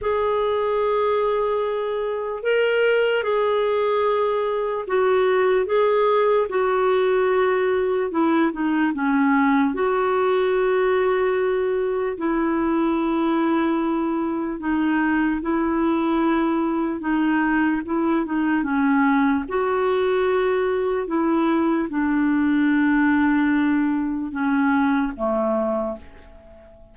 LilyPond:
\new Staff \with { instrumentName = "clarinet" } { \time 4/4 \tempo 4 = 74 gis'2. ais'4 | gis'2 fis'4 gis'4 | fis'2 e'8 dis'8 cis'4 | fis'2. e'4~ |
e'2 dis'4 e'4~ | e'4 dis'4 e'8 dis'8 cis'4 | fis'2 e'4 d'4~ | d'2 cis'4 a4 | }